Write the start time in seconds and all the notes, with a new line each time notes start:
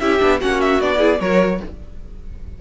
0.00 C#4 E4 G4 E5
0.20 B3 D4
0.41 A#3 C#4 F#4 F#5
0.61 E5
0.80 B3 D4 D5
0.98 E4 G#4
1.20 F#3 F#4 A#4 C#5